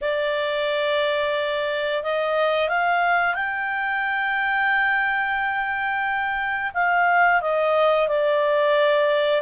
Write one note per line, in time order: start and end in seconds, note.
0.01 2.03 D5
2.03 2.68 D#5
2.68 3.34 F5
3.34 6.71 G5
6.74 7.41 F5
7.41 8.08 D#5
8.08 9.41 D5